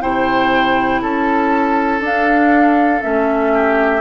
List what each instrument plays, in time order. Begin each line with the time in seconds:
0.00 bassoon C3, clarinet E4, oboe C5, flute G5
1.02 bassoon C#4, oboe A4, flute A5
2.00 bassoon D4, clarinet D4, flute F5
3.01 bassoon A3, clarinet C#4, flute E5
3.54 oboe G4